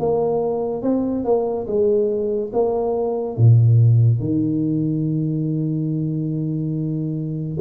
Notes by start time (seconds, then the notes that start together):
0.00 A#3
0.83 C4
1.25 A#3
1.67 G#3
2.53 A#3
3.37 A#2
4.20 D#3